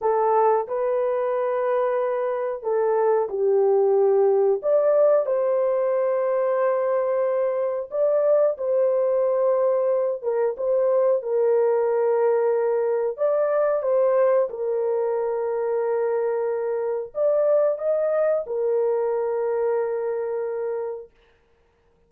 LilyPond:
\new Staff \with { instrumentName = "horn" } { \time 4/4 \tempo 4 = 91 a'4 b'2. | a'4 g'2 d''4 | c''1 | d''4 c''2~ c''8 ais'8 |
c''4 ais'2. | d''4 c''4 ais'2~ | ais'2 d''4 dis''4 | ais'1 | }